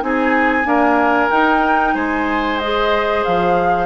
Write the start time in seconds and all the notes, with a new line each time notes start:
0.00 C4 D#4 G#4 G#5
0.64 A#3 D4 A#4
1.30 D#4 G5
1.94 G#3 C5 G#5
2.59 G#4 D#5
3.24 F3 F5